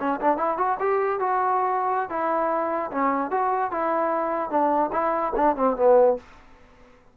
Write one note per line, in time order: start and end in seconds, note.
0.00 0.20 C#4
0.21 0.38 D4
0.38 0.58 E4
0.58 0.78 F#4
0.80 1.20 G4
1.20 2.10 F#4
2.10 2.91 E4
2.92 3.31 C#4
3.31 3.71 F#4
3.71 4.50 E4
4.50 4.91 D4
4.93 5.33 E4
5.36 5.56 D4
5.57 5.77 C4
5.77 6.17 B3